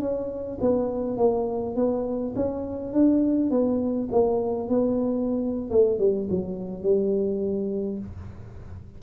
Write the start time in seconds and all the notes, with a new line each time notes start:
0.00 C#4
0.60 B3
1.17 A#3
1.76 B3
2.36 C#4
2.93 D4
3.50 B3
4.11 A#3
4.69 B3
5.70 A3
5.98 G3
6.30 F#3
6.82 G3